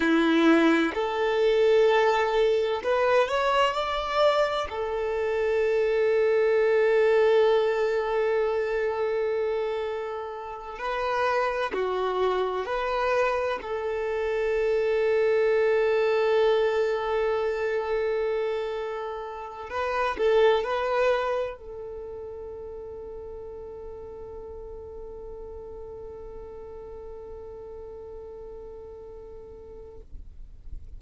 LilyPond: \new Staff \with { instrumentName = "violin" } { \time 4/4 \tempo 4 = 64 e'4 a'2 b'8 cis''8 | d''4 a'2.~ | a'2.~ a'8 b'8~ | b'8 fis'4 b'4 a'4.~ |
a'1~ | a'4 b'8 a'8 b'4 a'4~ | a'1~ | a'1 | }